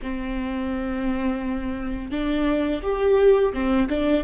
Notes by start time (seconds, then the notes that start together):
0.02 C4
2.11 D4
2.82 G4
3.53 C4
3.89 D4